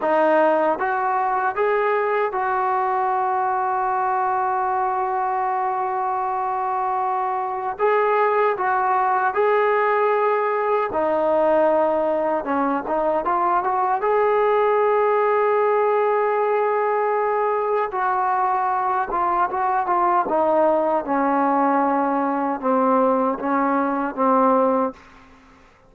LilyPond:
\new Staff \with { instrumentName = "trombone" } { \time 4/4 \tempo 4 = 77 dis'4 fis'4 gis'4 fis'4~ | fis'1~ | fis'2 gis'4 fis'4 | gis'2 dis'2 |
cis'8 dis'8 f'8 fis'8 gis'2~ | gis'2. fis'4~ | fis'8 f'8 fis'8 f'8 dis'4 cis'4~ | cis'4 c'4 cis'4 c'4 | }